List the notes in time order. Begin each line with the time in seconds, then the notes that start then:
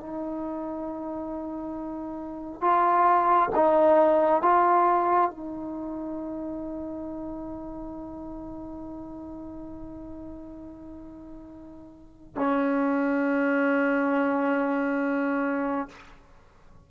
0.00 D#4
2.61 F4
3.56 D#4
4.42 F4
5.31 D#4
12.36 C#4